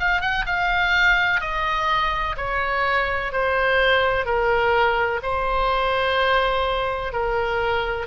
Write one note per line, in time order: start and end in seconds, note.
0.00 0.21 F5
0.21 0.45 F#5
0.46 1.41 F5
1.41 2.36 D#5
2.37 3.32 C#5
3.32 4.26 C5
4.26 5.21 A#4
5.23 7.13 C5
7.13 8.06 A#4